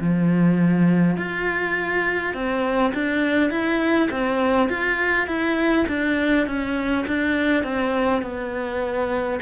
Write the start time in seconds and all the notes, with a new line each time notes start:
0.00 F3
1.17 F4
2.34 C4
2.94 D4
3.50 E4
4.11 C4
4.70 F4
5.27 E4
5.88 D4
6.47 C#4
7.07 D4
7.64 C4
8.22 B3